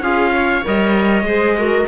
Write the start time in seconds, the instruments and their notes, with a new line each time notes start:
0.00 cello C#4, clarinet F4, viola G#4, trumpet F5
0.35 viola C#5
0.64 cello G3, clarinet A#4, trumpet D#5
1.22 cello G#3, clarinet G#4, viola C5
1.58 clarinet F#4, viola A#4